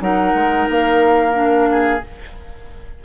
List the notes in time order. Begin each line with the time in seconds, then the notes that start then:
0.00 F#3 D#4 A#4 F#5
0.34 G#3
0.69 A#3 F5
1.33 D4
1.71 G#4